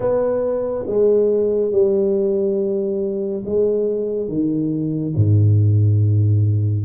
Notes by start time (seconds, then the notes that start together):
0.00 B3
0.86 G#3
1.71 G3
3.45 G#3
4.28 D#3
5.15 G#2